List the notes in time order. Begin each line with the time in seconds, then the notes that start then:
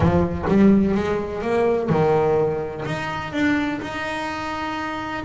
0.00 F3
0.48 G3
0.94 G#3
1.42 A#3
1.89 D#3
2.85 D#4
3.32 D4
3.81 D#4